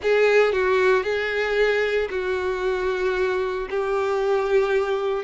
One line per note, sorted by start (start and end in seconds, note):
0.02 0.52 G#4
0.52 1.03 F#4
1.03 2.08 G#4
2.10 3.68 F#4
3.70 5.23 G4